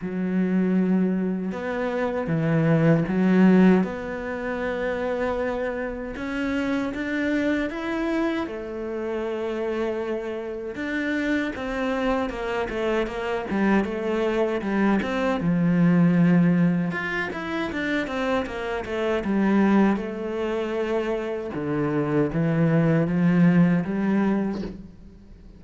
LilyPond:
\new Staff \with { instrumentName = "cello" } { \time 4/4 \tempo 4 = 78 fis2 b4 e4 | fis4 b2. | cis'4 d'4 e'4 a4~ | a2 d'4 c'4 |
ais8 a8 ais8 g8 a4 g8 c'8 | f2 f'8 e'8 d'8 c'8 | ais8 a8 g4 a2 | d4 e4 f4 g4 | }